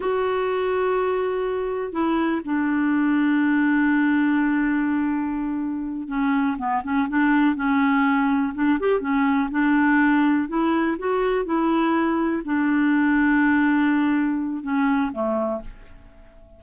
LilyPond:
\new Staff \with { instrumentName = "clarinet" } { \time 4/4 \tempo 4 = 123 fis'1 | e'4 d'2.~ | d'1~ | d'8 cis'4 b8 cis'8 d'4 cis'8~ |
cis'4. d'8 g'8 cis'4 d'8~ | d'4. e'4 fis'4 e'8~ | e'4. d'2~ d'8~ | d'2 cis'4 a4 | }